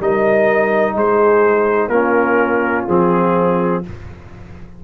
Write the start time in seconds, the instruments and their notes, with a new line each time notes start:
0.00 tuba G3, trombone D#4, horn A#4, trumpet D#5
0.95 tuba G#3, horn G#4, trumpet C5
1.89 tuba A#3, trombone C#4, horn F4, trumpet A#4
2.88 tuba F3, trombone C4, trumpet G#4